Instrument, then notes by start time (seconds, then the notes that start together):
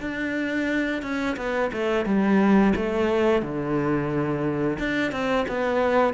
cello
0.00 D4
1.02 C#4
1.36 B3
1.73 A3
2.05 G3
2.76 A3
3.42 D3
4.79 D4
5.12 C4
5.48 B3